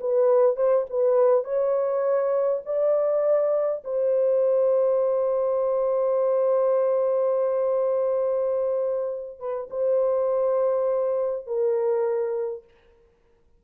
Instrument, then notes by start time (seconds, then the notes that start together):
horn
0.00 B4
0.56 C5
0.90 B4
1.44 C#5
2.65 D5
3.84 C5
9.39 B4
9.70 C5
11.47 A#4